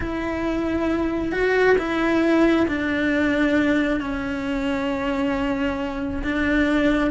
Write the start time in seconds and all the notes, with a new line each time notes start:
0.00 E4
1.32 F#4
1.77 E4
2.67 D4
4.00 C#4
6.23 D4